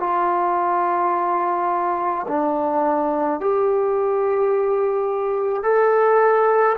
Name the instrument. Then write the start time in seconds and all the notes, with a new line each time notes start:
trombone
0.00 F4
2.28 D4
3.40 G4
5.63 A4